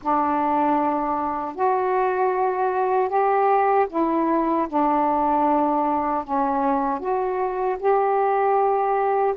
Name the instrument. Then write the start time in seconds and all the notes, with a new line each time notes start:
saxophone
0.02 D4
1.55 F#4
3.09 G4
3.89 E4
4.68 D4
6.24 C#4
6.99 F#4
7.79 G4